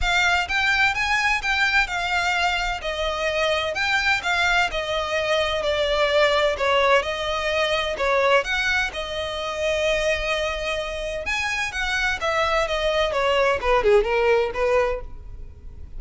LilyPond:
\new Staff \with { instrumentName = "violin" } { \time 4/4 \tempo 4 = 128 f''4 g''4 gis''4 g''4 | f''2 dis''2 | g''4 f''4 dis''2 | d''2 cis''4 dis''4~ |
dis''4 cis''4 fis''4 dis''4~ | dis''1 | gis''4 fis''4 e''4 dis''4 | cis''4 b'8 gis'8 ais'4 b'4 | }